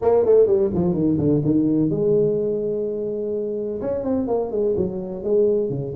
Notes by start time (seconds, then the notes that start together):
0.01 A#3
0.25 A3
0.46 G3
0.74 F3
0.93 D#3
1.18 D3
1.44 D#3
1.90 G#3
3.81 C#4
4.04 C4
4.27 A#3
4.51 G#3
4.76 F#3
5.23 G#3
5.69 C#3